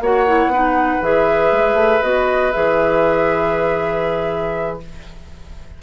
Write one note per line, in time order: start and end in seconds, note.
0.00 0.47 A#3
0.00 0.27 F#4
0.00 0.52 C#5
0.00 1.03 F#5
0.27 0.52 E4
0.47 0.97 B3
0.47 4.81 B4
0.53 1.02 D#4
1.02 1.52 E3
1.02 2.02 G#4
1.02 2.02 E5
1.52 1.74 G#3
1.74 1.99 A3
2.02 2.54 B3
2.02 2.52 F#4
2.02 2.52 D#5
2.52 4.82 E3
2.52 4.80 G#4
2.52 4.79 E5